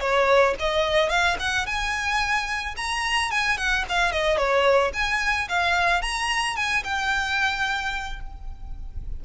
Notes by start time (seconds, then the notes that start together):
0.00 C#5
0.59 D#5
1.09 F5
1.40 F#5
1.66 G#5
2.77 A#5
3.31 G#5
3.57 F#5
3.89 F5
4.12 D#5
4.37 C#5
4.94 G#5
5.49 F5
6.02 A#5
6.56 G#5
6.84 G5